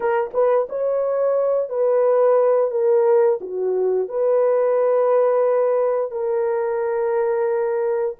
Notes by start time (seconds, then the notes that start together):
0.00 A#4
0.33 B4
0.69 C#5
1.69 B4
2.71 A#4
3.41 F#4
4.08 B4
6.11 A#4